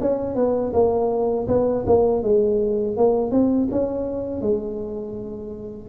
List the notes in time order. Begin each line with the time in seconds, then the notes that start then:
0.00 C#4
0.35 B3
0.73 A#3
1.47 B3
1.86 A#3
2.23 G#3
2.96 A#3
3.31 C4
3.71 C#4
4.41 G#3